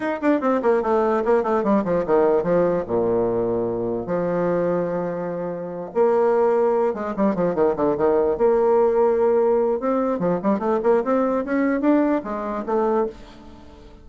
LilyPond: \new Staff \with { instrumentName = "bassoon" } { \time 4/4 \tempo 4 = 147 dis'8 d'8 c'8 ais8 a4 ais8 a8 | g8 f8 dis4 f4 ais,4~ | ais,2 f2~ | f2~ f8 ais4.~ |
ais4 gis8 g8 f8 dis8 d8 dis8~ | dis8 ais2.~ ais8 | c'4 f8 g8 a8 ais8 c'4 | cis'4 d'4 gis4 a4 | }